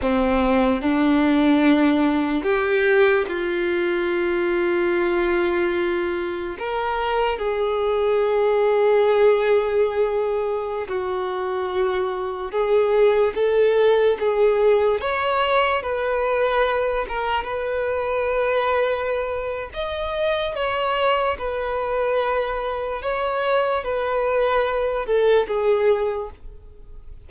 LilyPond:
\new Staff \with { instrumentName = "violin" } { \time 4/4 \tempo 4 = 73 c'4 d'2 g'4 | f'1 | ais'4 gis'2.~ | gis'4~ gis'16 fis'2 gis'8.~ |
gis'16 a'4 gis'4 cis''4 b'8.~ | b'8. ais'8 b'2~ b'8. | dis''4 cis''4 b'2 | cis''4 b'4. a'8 gis'4 | }